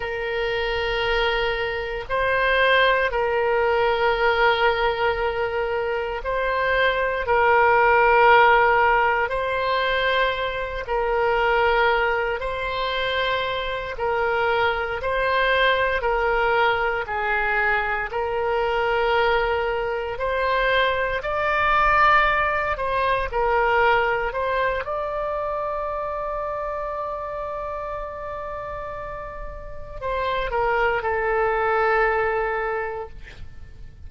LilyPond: \new Staff \with { instrumentName = "oboe" } { \time 4/4 \tempo 4 = 58 ais'2 c''4 ais'4~ | ais'2 c''4 ais'4~ | ais'4 c''4. ais'4. | c''4. ais'4 c''4 ais'8~ |
ais'8 gis'4 ais'2 c''8~ | c''8 d''4. c''8 ais'4 c''8 | d''1~ | d''4 c''8 ais'8 a'2 | }